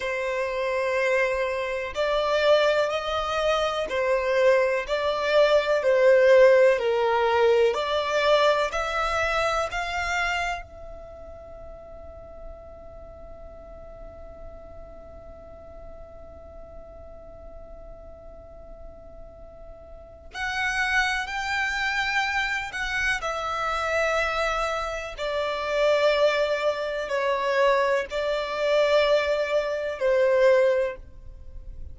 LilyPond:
\new Staff \with { instrumentName = "violin" } { \time 4/4 \tempo 4 = 62 c''2 d''4 dis''4 | c''4 d''4 c''4 ais'4 | d''4 e''4 f''4 e''4~ | e''1~ |
e''1~ | e''4 fis''4 g''4. fis''8 | e''2 d''2 | cis''4 d''2 c''4 | }